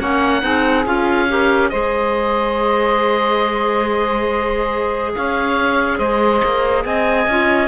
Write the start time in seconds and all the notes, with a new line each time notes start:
0.00 A#3 C#4 C#5 F#5
0.41 C4 D#4 G#4
0.86 C#4 F4 F5
1.29 G4 A#4
1.69 G#3 G#4 C5 D#5
5.16 C#4 C#5 F5
5.98 G#3 C5 D#5
6.44 A#3
6.85 C4 D#5 G#5
7.27 C#4 F4